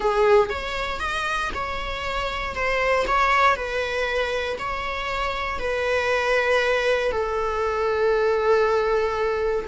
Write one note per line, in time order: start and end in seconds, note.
0.00 0.49 G#4
0.49 0.99 C#5
0.99 1.50 D#5
1.54 2.55 C#5
2.55 3.06 C5
3.07 3.56 C#5
3.56 4.57 B4
4.58 5.59 C#5
5.59 7.11 B4
7.11 9.65 A4